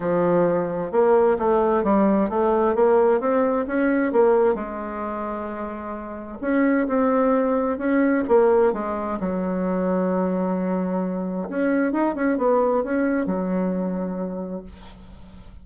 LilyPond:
\new Staff \with { instrumentName = "bassoon" } { \time 4/4 \tempo 4 = 131 f2 ais4 a4 | g4 a4 ais4 c'4 | cis'4 ais4 gis2~ | gis2 cis'4 c'4~ |
c'4 cis'4 ais4 gis4 | fis1~ | fis4 cis'4 dis'8 cis'8 b4 | cis'4 fis2. | }